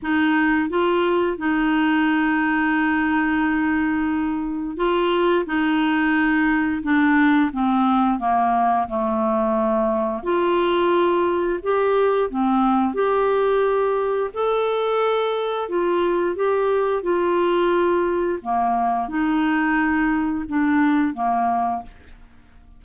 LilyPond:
\new Staff \with { instrumentName = "clarinet" } { \time 4/4 \tempo 4 = 88 dis'4 f'4 dis'2~ | dis'2. f'4 | dis'2 d'4 c'4 | ais4 a2 f'4~ |
f'4 g'4 c'4 g'4~ | g'4 a'2 f'4 | g'4 f'2 ais4 | dis'2 d'4 ais4 | }